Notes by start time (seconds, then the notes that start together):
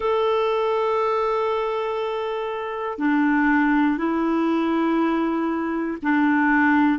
0.00 A4
2.98 D4
3.97 E4
6.02 D4